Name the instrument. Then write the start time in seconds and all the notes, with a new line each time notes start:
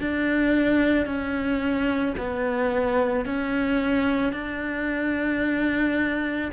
cello
0.00 D4
1.06 C#4
2.17 B3
3.25 C#4
4.32 D4